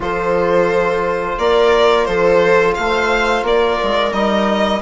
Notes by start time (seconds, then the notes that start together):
0.00 F3 F4 A4 C5
1.38 A#3 A#4 D5
2.05 F3 A4 C5
2.74 A3 C5 F5
3.43 A#3 A#4 D5
3.83 G#3
4.11 G3 D#4 D#5